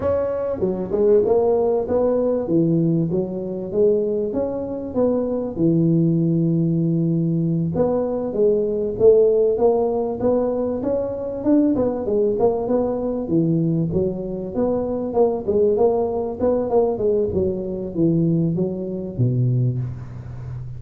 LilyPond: \new Staff \with { instrumentName = "tuba" } { \time 4/4 \tempo 4 = 97 cis'4 fis8 gis8 ais4 b4 | e4 fis4 gis4 cis'4 | b4 e2.~ | e8 b4 gis4 a4 ais8~ |
ais8 b4 cis'4 d'8 b8 gis8 | ais8 b4 e4 fis4 b8~ | b8 ais8 gis8 ais4 b8 ais8 gis8 | fis4 e4 fis4 b,4 | }